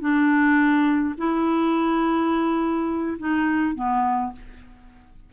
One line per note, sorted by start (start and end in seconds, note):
0.00 1.14 D4
1.17 3.17 E4
3.18 3.75 D#4
3.75 4.32 B3